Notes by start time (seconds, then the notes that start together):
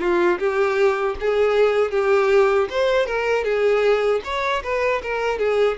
0.00 F4
0.39 G4
1.20 G#4
1.91 G4
2.70 C5
3.06 A#4
3.44 G#4
4.24 C#5
4.63 B4
5.02 A#4
5.39 G#4